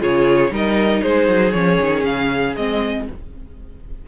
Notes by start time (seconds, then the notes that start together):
0.00 C#3 F4 G#4 C#5
0.50 G3 D#4 A#4 D#5
1.02 G#3 G#4 C5
1.28 F#3
1.51 F3 C#4 C#5
1.80 D#3
2.05 C#3 F5
2.56 G#3 C4 D#5